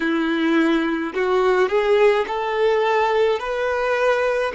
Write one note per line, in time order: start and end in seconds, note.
0.00 1.13 E4
1.14 1.68 F#4
1.68 2.25 G#4
2.27 3.39 A4
3.39 4.52 B4